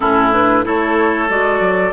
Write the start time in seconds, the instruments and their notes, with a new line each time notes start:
0.00 bassoon A2, clarinet C#4, oboe E4, flute A4
0.32 clarinet D4, flute B4
0.64 bassoon A3, clarinet E4, oboe A4, flute C#5
1.29 bassoon G#3, clarinet F#4, flute D5
1.60 bassoon F#3